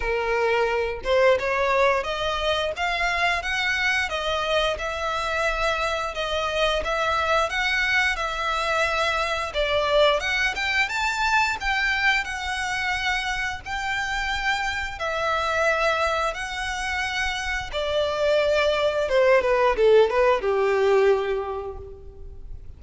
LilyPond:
\new Staff \with { instrumentName = "violin" } { \time 4/4 \tempo 4 = 88 ais'4. c''8 cis''4 dis''4 | f''4 fis''4 dis''4 e''4~ | e''4 dis''4 e''4 fis''4 | e''2 d''4 fis''8 g''8 |
a''4 g''4 fis''2 | g''2 e''2 | fis''2 d''2 | c''8 b'8 a'8 b'8 g'2 | }